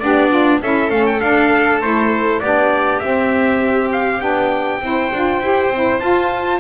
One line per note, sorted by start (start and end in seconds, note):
0.00 0.62 B3
0.00 0.62 D4
0.00 0.29 G4
0.00 0.60 D5
0.29 0.59 F4
0.62 0.91 C#4
0.62 0.90 E4
0.62 2.42 A4
0.62 0.91 E5
0.90 1.21 A3
0.90 1.20 C#4
0.90 1.05 F5
1.06 1.21 G5
1.21 1.81 D4
1.21 1.82 D4
1.21 1.81 F5
1.82 2.42 A3
1.82 2.42 E4
1.82 2.40 C5
2.40 3.02 B3
2.40 3.03 D4
2.40 4.84 G4
2.40 3.00 D5
3.00 4.20 C4
3.00 4.22 C4
3.00 3.90 E5
3.92 4.21 F5
4.20 4.81 B3
4.20 4.80 D4
4.20 6.00 G5
4.81 5.11 C4
4.81 5.12 E4
4.81 6.61 C5
5.13 5.41 D4
5.13 5.43 F4
5.41 5.69 E4
5.41 5.73 G4
5.69 5.99 C4
5.69 6.01 E4
6.00 6.61 F4
6.00 6.60 A5